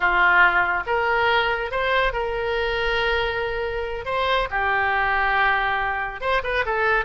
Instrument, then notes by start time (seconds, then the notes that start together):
oboe
0.00 F4
0.86 A#4
1.71 C5
2.12 A#4
4.05 C5
4.50 G4
6.20 C5
6.43 B4
6.65 A4